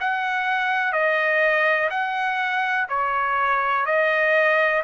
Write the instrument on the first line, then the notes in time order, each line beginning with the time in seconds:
trumpet
0.00 F#5
0.93 D#5
1.90 F#5
2.89 C#5
3.86 D#5